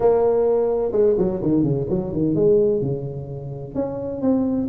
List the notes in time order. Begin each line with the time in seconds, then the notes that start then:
0.00 A#3
0.92 G#3
1.18 F#3
1.41 D#3
1.63 C#3
1.89 F#3
2.12 D#3
2.35 G#3
2.81 C#3
3.75 C#4
4.21 C4